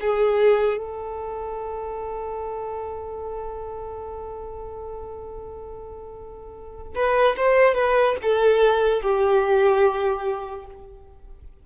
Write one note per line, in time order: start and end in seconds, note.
0.00 0.77 G#4
0.77 6.94 A4
6.95 7.36 B4
7.36 7.74 C5
7.74 8.15 B4
8.22 9.01 A4
9.01 10.66 G4